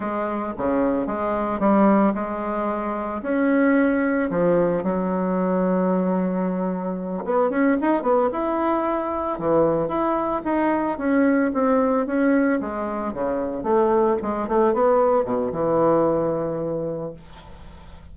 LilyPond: \new Staff \with { instrumentName = "bassoon" } { \time 4/4 \tempo 4 = 112 gis4 cis4 gis4 g4 | gis2 cis'2 | f4 fis2.~ | fis4. b8 cis'8 dis'8 b8 e'8~ |
e'4. e4 e'4 dis'8~ | dis'8 cis'4 c'4 cis'4 gis8~ | gis8 cis4 a4 gis8 a8 b8~ | b8 b,8 e2. | }